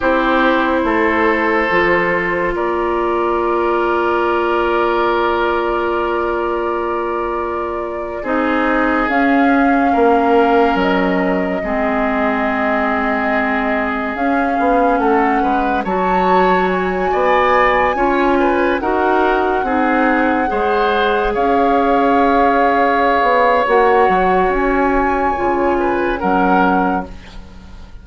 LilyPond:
<<
  \new Staff \with { instrumentName = "flute" } { \time 4/4 \tempo 4 = 71 c''2. d''4~ | d''1~ | d''4.~ d''16 dis''4 f''4~ f''16~ | f''8. dis''2.~ dis''16~ |
dis''8. f''4 fis''4 a''4 gis''16~ | gis''2~ gis''16 fis''4.~ fis''16~ | fis''4~ fis''16 f''2~ f''8. | fis''4 gis''2 fis''4 | }
  \new Staff \with { instrumentName = "oboe" } { \time 4/4 g'4 a'2 ais'4~ | ais'1~ | ais'4.~ ais'16 gis'2 ais'16~ | ais'4.~ ais'16 gis'2~ gis'16~ |
gis'4.~ gis'16 a'8 b'8 cis''4~ cis''16~ | cis''16 d''4 cis''8 b'8 ais'4 gis'8.~ | gis'16 c''4 cis''2~ cis''8.~ | cis''2~ cis''8 b'8 ais'4 | }
  \new Staff \with { instrumentName = "clarinet" } { \time 4/4 e'2 f'2~ | f'1~ | f'4.~ f'16 dis'4 cis'4~ cis'16~ | cis'4.~ cis'16 c'2~ c'16~ |
c'8. cis'2 fis'4~ fis'16~ | fis'4~ fis'16 f'4 fis'4 dis'8.~ | dis'16 gis'2.~ gis'8. | fis'2 f'4 cis'4 | }
  \new Staff \with { instrumentName = "bassoon" } { \time 4/4 c'4 a4 f4 ais4~ | ais1~ | ais4.~ ais16 c'4 cis'4 ais16~ | ais8. fis4 gis2~ gis16~ |
gis8. cis'8 b8 a8 gis8 fis4~ fis16~ | fis16 b4 cis'4 dis'4 c'8.~ | c'16 gis4 cis'2~ cis'16 b8 | ais8 fis8 cis'4 cis4 fis4 | }
>>